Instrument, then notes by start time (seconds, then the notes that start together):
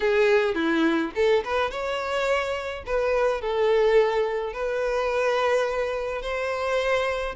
violin
0.00 G#4
0.54 E4
1.15 A4
1.44 B4
1.71 C#5
2.86 B4
3.41 A4
4.53 B4
6.21 C5